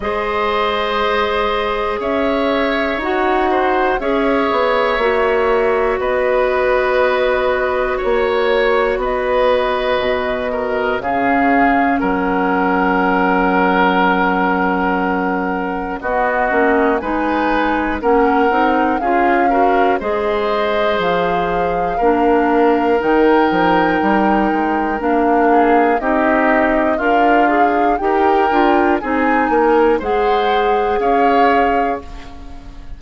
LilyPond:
<<
  \new Staff \with { instrumentName = "flute" } { \time 4/4 \tempo 4 = 60 dis''2 e''4 fis''4 | e''2 dis''2 | cis''4 dis''2 f''4 | fis''1 |
dis''4 gis''4 fis''4 f''4 | dis''4 f''2 g''4~ | g''4 f''4 dis''4 f''4 | g''4 gis''4 fis''4 f''4 | }
  \new Staff \with { instrumentName = "oboe" } { \time 4/4 c''2 cis''4. c''8 | cis''2 b'2 | cis''4 b'4. ais'8 gis'4 | ais'1 |
fis'4 b'4 ais'4 gis'8 ais'8 | c''2 ais'2~ | ais'4. gis'8 g'4 f'4 | ais'4 gis'8 ais'8 c''4 cis''4 | }
  \new Staff \with { instrumentName = "clarinet" } { \time 4/4 gis'2. fis'4 | gis'4 fis'2.~ | fis'2. cis'4~ | cis'1 |
b8 cis'8 dis'4 cis'8 dis'8 f'8 fis'8 | gis'2 d'4 dis'4~ | dis'4 d'4 dis'4 ais'8 gis'8 | g'8 f'8 dis'4 gis'2 | }
  \new Staff \with { instrumentName = "bassoon" } { \time 4/4 gis2 cis'4 dis'4 | cis'8 b8 ais4 b2 | ais4 b4 b,4 cis4 | fis1 |
b8 ais8 gis4 ais8 c'8 cis'4 | gis4 f4 ais4 dis8 f8 | g8 gis8 ais4 c'4 d'4 | dis'8 d'8 c'8 ais8 gis4 cis'4 | }
>>